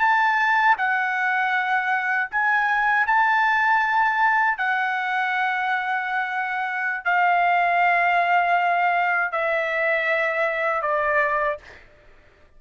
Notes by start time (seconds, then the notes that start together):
0.00 A5
0.78 F#5
2.31 G#5
3.07 A5
4.58 F#5
7.05 F5
9.32 E5
10.82 D5